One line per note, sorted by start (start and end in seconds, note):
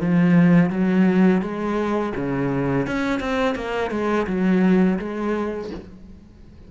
0.00 0.70 F3
0.70 1.41 F#3
1.41 2.13 G#3
2.16 2.87 C#3
2.87 3.19 C#4
3.19 3.55 C4
3.55 3.90 A#3
3.90 4.26 G#3
4.27 4.98 F#3
4.98 5.70 G#3